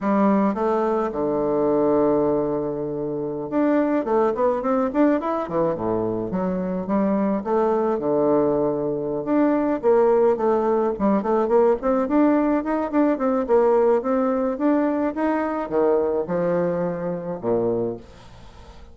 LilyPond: \new Staff \with { instrumentName = "bassoon" } { \time 4/4 \tempo 4 = 107 g4 a4 d2~ | d2~ d16 d'4 a8 b16~ | b16 c'8 d'8 e'8 e8 a,4 fis8.~ | fis16 g4 a4 d4.~ d16~ |
d8 d'4 ais4 a4 g8 | a8 ais8 c'8 d'4 dis'8 d'8 c'8 | ais4 c'4 d'4 dis'4 | dis4 f2 ais,4 | }